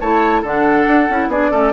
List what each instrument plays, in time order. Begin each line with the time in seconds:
0.00 bassoon A3, clarinet E4, oboe C#5, flute A5
0.42 bassoon D3, clarinet D4, oboe A4, flute F#5
0.87 bassoon D4
1.10 bassoon C#4, clarinet E4
1.28 bassoon B3, clarinet D4, oboe G#4, flute D5
1.51 bassoon A3, clarinet C#4, oboe A4